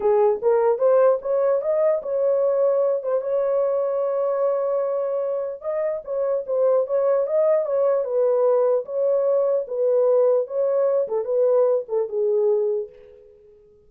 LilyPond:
\new Staff \with { instrumentName = "horn" } { \time 4/4 \tempo 4 = 149 gis'4 ais'4 c''4 cis''4 | dis''4 cis''2~ cis''8 c''8 | cis''1~ | cis''2 dis''4 cis''4 |
c''4 cis''4 dis''4 cis''4 | b'2 cis''2 | b'2 cis''4. a'8 | b'4. a'8 gis'2 | }